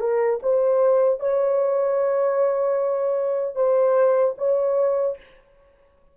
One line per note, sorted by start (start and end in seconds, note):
0.00 0.39 A#4
0.42 1.19 C5
1.19 3.55 C#5
3.55 4.34 C5
4.38 5.17 C#5